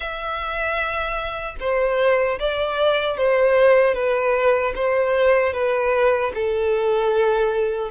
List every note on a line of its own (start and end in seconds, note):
0.00 1.55 E5
1.60 2.39 C5
2.39 3.17 D5
3.17 3.94 C5
3.94 4.73 B4
4.75 5.53 C5
5.53 6.32 B4
6.34 7.90 A4